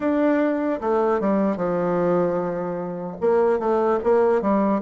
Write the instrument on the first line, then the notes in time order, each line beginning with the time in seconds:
bassoon
0.00 D4
0.80 A3
1.20 G3
1.56 F3
3.20 A#3
3.59 A3
4.03 A#3
4.41 G3